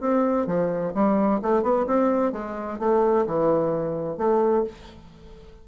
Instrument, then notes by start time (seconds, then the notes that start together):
bassoon
0.00 C4
0.46 F3
0.94 G3
1.42 A3
1.63 B3
1.86 C4
2.32 G#3
2.79 A3
3.26 E3
4.17 A3